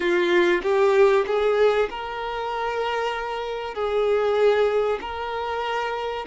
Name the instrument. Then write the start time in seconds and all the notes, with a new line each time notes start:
violin
0.00 F4
0.62 G4
1.26 G#4
1.89 A#4
3.74 G#4
5.01 A#4